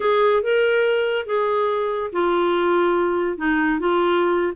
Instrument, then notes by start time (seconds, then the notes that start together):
clarinet
0.00 G#4
0.42 A#4
1.26 G#4
2.12 F4
3.37 D#4
3.79 F4